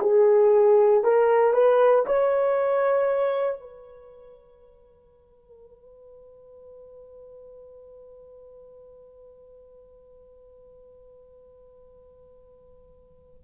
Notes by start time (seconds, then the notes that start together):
0.00 G#4
1.03 A#4
1.53 B4
2.06 C#5
3.60 B4